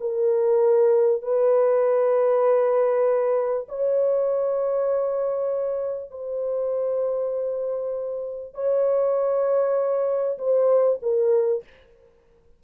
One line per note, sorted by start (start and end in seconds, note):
0.00 1.22 A#4
1.22 3.67 B4
3.68 6.10 C#5
6.10 8.54 C5
8.54 10.37 C#5
10.38 10.99 C5
11.02 11.63 A#4